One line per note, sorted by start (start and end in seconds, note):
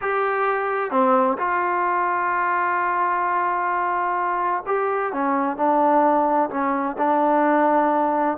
0.01 0.90 G4
0.90 1.37 C4
1.37 4.63 F4
4.66 5.12 G4
5.12 5.56 C#4
5.56 6.49 D4
6.49 6.96 C#4
6.98 8.37 D4